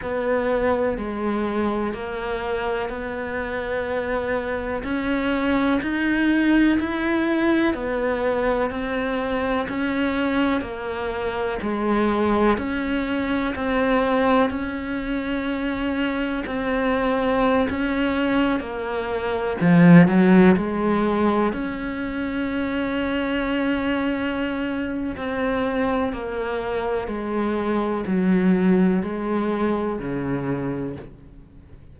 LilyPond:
\new Staff \with { instrumentName = "cello" } { \time 4/4 \tempo 4 = 62 b4 gis4 ais4 b4~ | b4 cis'4 dis'4 e'4 | b4 c'4 cis'4 ais4 | gis4 cis'4 c'4 cis'4~ |
cis'4 c'4~ c'16 cis'4 ais8.~ | ais16 f8 fis8 gis4 cis'4.~ cis'16~ | cis'2 c'4 ais4 | gis4 fis4 gis4 cis4 | }